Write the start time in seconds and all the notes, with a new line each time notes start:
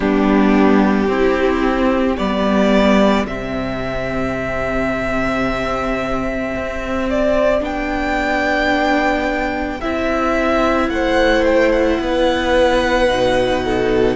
0.00 G3 B3 D4 G4
1.08 C4 E4
2.17 G3 B3 G4 D5
3.27 C3 C4 E5
6.55 C4
7.10 D5
7.60 B3 D4 G5
9.80 C4 E4 E5
10.89 A3 C5 F#5
11.45 G5
11.71 F#5
11.99 B3 B4
13.08 B2 D#4
13.64 A4